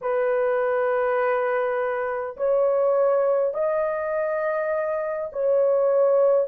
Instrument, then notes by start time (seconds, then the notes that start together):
horn
0.01 B4
2.36 C#5
3.53 D#5
5.32 C#5